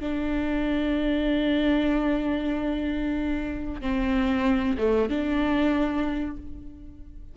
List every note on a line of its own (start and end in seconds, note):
0.00 3.82 D4
3.82 4.77 C4
4.78 5.09 A3
5.09 6.37 D4